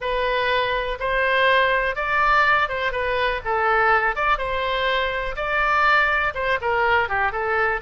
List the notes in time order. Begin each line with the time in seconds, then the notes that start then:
0.00 B4
0.99 C5
1.95 D5
2.69 C5
2.92 B4
3.44 A4
4.15 D5
4.37 C5
5.35 D5
6.34 C5
6.61 A#4
7.08 G4
7.32 A4